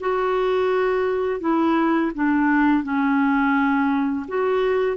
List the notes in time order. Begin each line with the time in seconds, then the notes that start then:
0.00 F#4
1.40 E4
2.15 D4
2.83 C#4
4.28 F#4